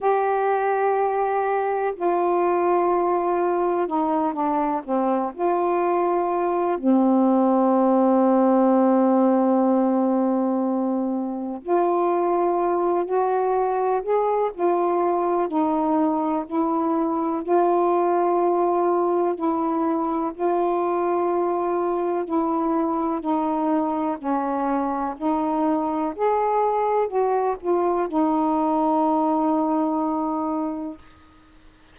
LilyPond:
\new Staff \with { instrumentName = "saxophone" } { \time 4/4 \tempo 4 = 62 g'2 f'2 | dis'8 d'8 c'8 f'4. c'4~ | c'1 | f'4. fis'4 gis'8 f'4 |
dis'4 e'4 f'2 | e'4 f'2 e'4 | dis'4 cis'4 dis'4 gis'4 | fis'8 f'8 dis'2. | }